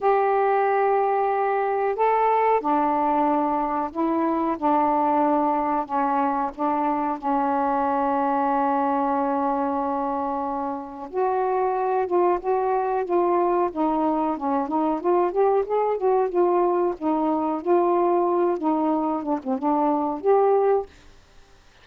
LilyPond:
\new Staff \with { instrumentName = "saxophone" } { \time 4/4 \tempo 4 = 92 g'2. a'4 | d'2 e'4 d'4~ | d'4 cis'4 d'4 cis'4~ | cis'1~ |
cis'4 fis'4. f'8 fis'4 | f'4 dis'4 cis'8 dis'8 f'8 g'8 | gis'8 fis'8 f'4 dis'4 f'4~ | f'8 dis'4 d'16 c'16 d'4 g'4 | }